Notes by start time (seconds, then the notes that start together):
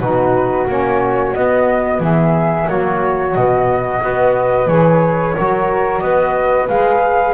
0.00 B2 D#4 F#4 B4
0.68 A#3 C#4 C#5
1.34 B3 D#5
2.00 E3 G#4 E5
2.65 F#3 A#3 F#4 C#5
3.35 B2 B3 D#5
4.00 B3 F#4 B4
4.67 E3 G#4 C#5
5.34 F#3 F#4 A#4
6.00 B3 B4 D#5
6.68 G#3 G#4 F5